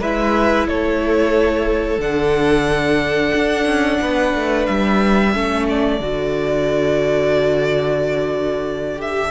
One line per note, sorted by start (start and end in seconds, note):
0.00 0.67 G#3
0.00 1.99 E4
0.00 0.67 B4
0.00 0.68 E5
0.67 1.98 A3
0.67 4.01 A4
0.67 2.01 C#5
1.98 3.32 D3
1.98 5.33 D4
1.98 4.66 F#5
3.35 3.66 D4
3.66 3.99 C#4
4.01 4.34 B3
4.01 5.34 B4
4.35 4.68 A3
4.66 5.35 G3
4.66 5.66 E5
5.33 6.00 A3
5.33 6.00 C#4
5.33 9.31 A4
5.69 9.01 D5
6.00 9.31 D3
6.00 8.96 F#4
8.96 9.29 G4
8.96 9.31 E5